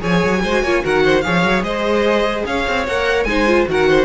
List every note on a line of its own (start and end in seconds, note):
0.00 0.24 F3
0.00 0.41 G#4
0.00 0.42 C#5
0.00 0.85 G#5
0.24 0.44 F#3
0.44 0.63 G#3
0.44 0.66 F#4
0.44 0.63 C5
0.63 0.83 A#3
0.63 0.82 F4
0.63 0.83 C#5
0.82 1.26 D#3
0.82 1.23 F#4
0.82 1.04 A#4
0.82 1.22 F#5
1.05 1.25 C5
1.22 1.44 F3
1.22 2.86 G#4
1.22 1.65 C#5
1.22 1.62 F5
1.44 1.63 F#3
1.63 2.44 G#3
1.63 2.46 C5
1.63 2.45 D#5
2.47 2.67 C#4
2.47 3.29 C#5
2.47 2.87 F5
2.68 2.88 C4
2.87 3.25 A#3
2.87 3.28 A#4
2.87 3.24 F#5
3.24 3.66 G#3
3.24 3.48 D#4
3.24 3.70 C5
3.24 3.65 G#5
3.48 3.67 F4
3.67 4.05 D#3
3.67 4.05 F#4
3.67 3.89 A#4
3.67 4.05 F#5
3.89 4.05 C5